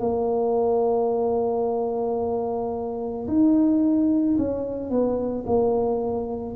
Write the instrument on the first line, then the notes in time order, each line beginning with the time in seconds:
tuba
0.00 A#3
3.28 D#4
4.38 C#4
4.90 B3
5.47 A#3